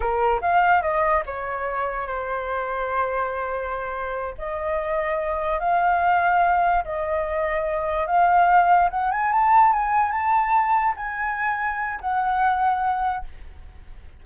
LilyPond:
\new Staff \with { instrumentName = "flute" } { \time 4/4 \tempo 4 = 145 ais'4 f''4 dis''4 cis''4~ | cis''4 c''2.~ | c''2~ c''8 dis''4.~ | dis''4. f''2~ f''8~ |
f''8 dis''2. f''8~ | f''4. fis''8 gis''8 a''4 gis''8~ | gis''8 a''2 gis''4.~ | gis''4 fis''2. | }